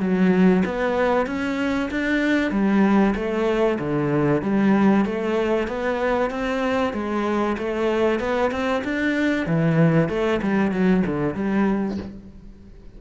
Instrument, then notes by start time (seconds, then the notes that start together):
cello
0.00 F#3
0.66 B3
1.27 C#4
1.91 D4
2.51 G3
3.16 A3
3.79 D3
4.42 G3
5.06 A3
5.68 B3
6.30 C4
6.94 G#3
7.58 A3
8.20 B3
8.51 C4
8.84 D4
9.47 E3
10.09 A3
10.42 G3
10.72 F#3
11.06 D3
11.35 G3